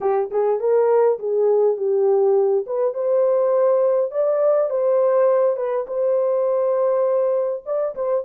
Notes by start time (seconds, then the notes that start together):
0.01 G4
0.30 G#4
0.59 A#4
1.19 G#4
1.76 G4
2.66 B4
2.94 C5
4.11 D5
4.70 C5
5.56 B4
5.87 C5
7.65 D5
7.95 C5